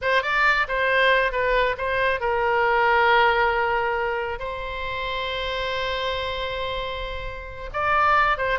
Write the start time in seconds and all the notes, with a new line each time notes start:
0.01 C5
0.22 D5
0.67 C5
1.32 B4
1.77 C5
2.20 A#4
4.39 C5
7.73 D5
8.37 C5